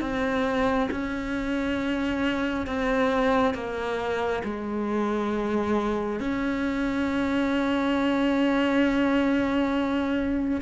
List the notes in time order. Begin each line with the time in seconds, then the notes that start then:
0.00 C4
0.91 C#4
2.66 C4
3.54 A#3
4.44 G#3
6.20 C#4